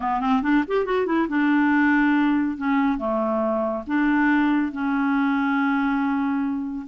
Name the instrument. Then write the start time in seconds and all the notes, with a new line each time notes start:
clarinet
0.00 B3
0.20 C4
0.42 D4
0.67 G4
0.85 F#4
1.06 E4
1.28 D4
2.57 C#4
2.98 A3
3.86 D4
4.71 C#4